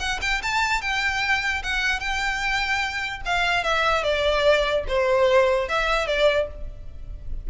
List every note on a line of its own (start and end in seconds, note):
0.00 0.20 F#5
0.22 0.42 G5
0.43 0.82 A5
0.82 1.63 G5
1.63 2.00 F#5
2.00 3.22 G5
3.26 3.64 F5
3.64 4.04 E5
4.04 4.85 D5
4.88 5.69 C5
5.69 6.07 E5
6.07 6.48 D5